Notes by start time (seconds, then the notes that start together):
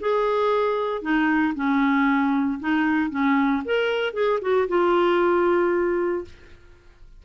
0.00 G#4
1.02 D#4
1.55 C#4
2.60 D#4
3.10 C#4
3.65 A#4
4.13 G#4
4.41 F#4
4.68 F4